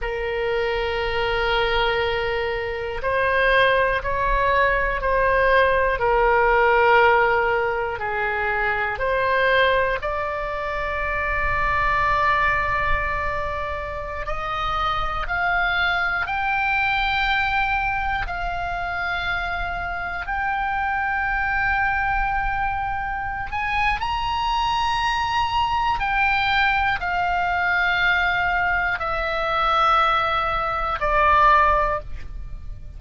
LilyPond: \new Staff \with { instrumentName = "oboe" } { \time 4/4 \tempo 4 = 60 ais'2. c''4 | cis''4 c''4 ais'2 | gis'4 c''4 d''2~ | d''2~ d''16 dis''4 f''8.~ |
f''16 g''2 f''4.~ f''16~ | f''16 g''2.~ g''16 gis''8 | ais''2 g''4 f''4~ | f''4 e''2 d''4 | }